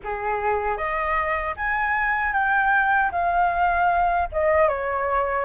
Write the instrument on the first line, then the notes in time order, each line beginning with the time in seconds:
flute
0.04 G#4
0.77 D#5
1.56 G#5
2.32 G5
3.11 F5
4.32 D#5
4.68 C#5